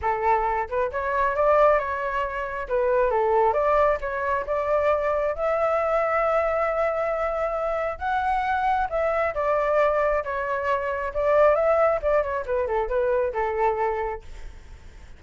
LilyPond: \new Staff \with { instrumentName = "flute" } { \time 4/4 \tempo 4 = 135 a'4. b'8 cis''4 d''4 | cis''2 b'4 a'4 | d''4 cis''4 d''2 | e''1~ |
e''2 fis''2 | e''4 d''2 cis''4~ | cis''4 d''4 e''4 d''8 cis''8 | b'8 a'8 b'4 a'2 | }